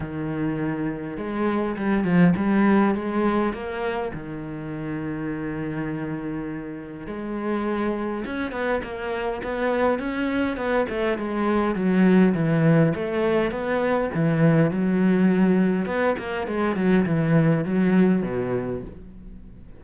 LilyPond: \new Staff \with { instrumentName = "cello" } { \time 4/4 \tempo 4 = 102 dis2 gis4 g8 f8 | g4 gis4 ais4 dis4~ | dis1 | gis2 cis'8 b8 ais4 |
b4 cis'4 b8 a8 gis4 | fis4 e4 a4 b4 | e4 fis2 b8 ais8 | gis8 fis8 e4 fis4 b,4 | }